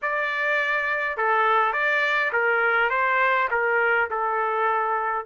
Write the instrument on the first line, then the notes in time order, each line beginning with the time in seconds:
trumpet
0.02 D5
1.17 A4
1.72 D5
2.32 A#4
2.90 C5
3.51 A#4
4.10 A4